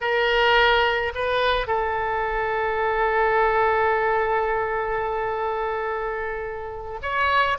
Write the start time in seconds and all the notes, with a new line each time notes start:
0.00 A#4
1.14 B4
1.67 A4
7.01 C#5